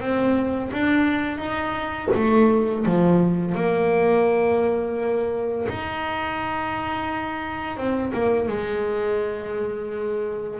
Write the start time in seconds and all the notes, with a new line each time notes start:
0.00 C4
0.72 D4
1.37 D#4
2.15 A3
2.85 F3
3.55 A#3
5.68 D#4
7.76 C4
8.13 A#3
8.48 G#3